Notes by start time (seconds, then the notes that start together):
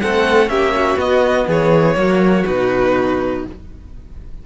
0.00 A3 C4 A4 F#5
0.47 A#3 C#4 G4 E5
0.76 F#4
0.95 B3 D#5
1.47 E3 G#4 C#5
1.95 F#3 A#3 F#4
2.46 B2 D#4 B4